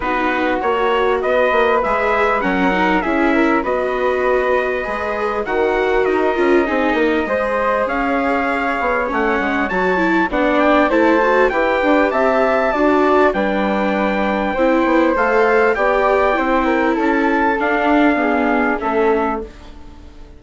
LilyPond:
<<
  \new Staff \with { instrumentName = "trumpet" } { \time 4/4 \tempo 4 = 99 b'4 cis''4 dis''4 e''4 | fis''4 e''4 dis''2~ | dis''4 fis''4 dis''2~ | dis''4 f''2 fis''4 |
a''4 fis''8 g''8 a''4 g''4 | a''2 g''2~ | g''4 f''4 g''2 | a''4 f''2 e''4 | }
  \new Staff \with { instrumentName = "flute" } { \time 4/4 fis'2 b'2 | ais'4 gis'8 ais'8 b'2~ | b'4 ais'2 gis'8 ais'8 | c''4 cis''2.~ |
cis''4 d''4 c''4 b'4 | e''4 d''4 b'2 | c''2 d''4 c''8 ais'8 | a'2 gis'4 a'4 | }
  \new Staff \with { instrumentName = "viola" } { \time 4/4 dis'4 fis'2 gis'4 | cis'8 dis'8 e'4 fis'2 | gis'4 fis'4. f'8 dis'4 | gis'2. cis'4 |
fis'8 e'8 d'4 e'8 fis'8 g'4~ | g'4 fis'4 d'2 | e'4 a'4 g'4 e'4~ | e'4 d'4 b4 cis'4 | }
  \new Staff \with { instrumentName = "bassoon" } { \time 4/4 b4 ais4 b8 ais8 gis4 | fis4 cis'4 b2 | gis4 dis4 dis'8 cis'8 c'8 ais8 | gis4 cis'4. b8 a8 gis8 |
fis4 b4 a4 e'8 d'8 | c'4 d'4 g2 | c'8 b8 a4 b4 c'4 | cis'4 d'2 a4 | }
>>